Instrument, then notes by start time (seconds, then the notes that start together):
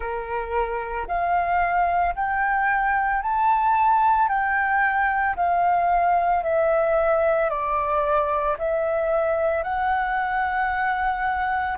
flute
0.00 A#4
1.07 F5
2.15 G5
3.22 A5
4.28 G5
5.36 F5
6.43 E5
7.49 D5
8.58 E5
9.63 F#5